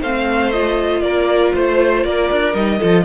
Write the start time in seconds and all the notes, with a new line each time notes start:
0.00 A3 C4 C5 F5
0.51 F4 D#5
1.01 A#3 A#4 D5
1.54 A3 C5
2.04 A#3 A#4 D5
2.31 D4
2.54 G3 D#4 D#5
2.78 F3 F4 A4